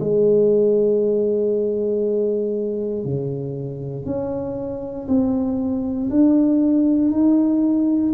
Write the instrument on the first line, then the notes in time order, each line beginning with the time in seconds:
tuba
0.00 G#3
3.05 C#3
4.05 C#4
5.08 C4
6.10 D4
7.11 D#4